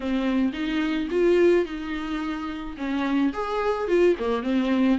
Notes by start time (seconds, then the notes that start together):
0.00 C4
0.53 D#4
1.10 F4
1.65 D#4
2.77 C#4
3.33 G#4
3.87 F4
4.19 A#3
4.42 C4